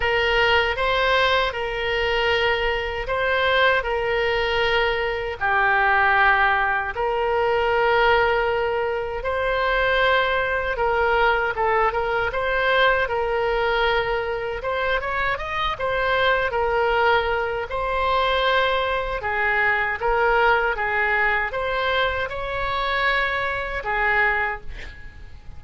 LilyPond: \new Staff \with { instrumentName = "oboe" } { \time 4/4 \tempo 4 = 78 ais'4 c''4 ais'2 | c''4 ais'2 g'4~ | g'4 ais'2. | c''2 ais'4 a'8 ais'8 |
c''4 ais'2 c''8 cis''8 | dis''8 c''4 ais'4. c''4~ | c''4 gis'4 ais'4 gis'4 | c''4 cis''2 gis'4 | }